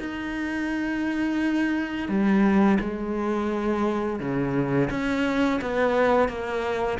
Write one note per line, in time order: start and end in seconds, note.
0.00 2.09 D#4
2.09 2.78 G3
2.80 4.20 G#3
4.20 4.90 C#3
4.90 5.60 C#4
5.62 6.29 B3
6.29 6.99 A#3